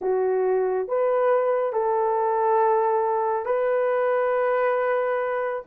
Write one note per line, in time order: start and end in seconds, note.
0.01 0.87 F#4
0.87 1.72 B4
1.72 3.45 A4
3.45 5.63 B4